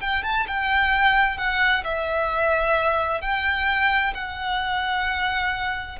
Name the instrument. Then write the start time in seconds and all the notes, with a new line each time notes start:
violin
0.00 G5
0.23 A5
0.47 G5
1.37 F#5
1.84 E5
3.21 G5
4.14 F#5